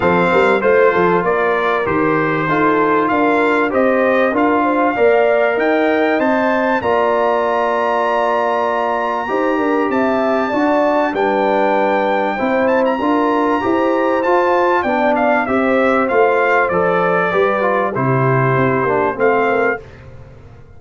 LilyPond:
<<
  \new Staff \with { instrumentName = "trumpet" } { \time 4/4 \tempo 4 = 97 f''4 c''4 d''4 c''4~ | c''4 f''4 dis''4 f''4~ | f''4 g''4 a''4 ais''4~ | ais''1 |
a''2 g''2~ | g''8 a''16 ais''2~ ais''16 a''4 | g''8 f''8 e''4 f''4 d''4~ | d''4 c''2 f''4 | }
  \new Staff \with { instrumentName = "horn" } { \time 4/4 a'8 ais'8 c''8 a'8 ais'2 | a'4 ais'4 c''4 ais'8 c''8 | d''4 dis''2 d''4~ | d''2. c''8 ais'8 |
e''4 d''4 b'2 | c''4 ais'4 c''2 | d''4 c''2. | b'4 g'2 c''8 ais'8 | }
  \new Staff \with { instrumentName = "trombone" } { \time 4/4 c'4 f'2 g'4 | f'2 g'4 f'4 | ais'2 c''4 f'4~ | f'2. g'4~ |
g'4 fis'4 d'2 | e'4 f'4 g'4 f'4 | d'4 g'4 f'4 a'4 | g'8 f'8 e'4. d'8 c'4 | }
  \new Staff \with { instrumentName = "tuba" } { \time 4/4 f8 g8 a8 f8 ais4 dis4 | dis'4 d'4 c'4 d'4 | ais4 dis'4 c'4 ais4~ | ais2. dis'8 d'8 |
c'4 d'4 g2 | c'4 d'4 e'4 f'4 | b4 c'4 a4 f4 | g4 c4 c'8 ais8 a4 | }
>>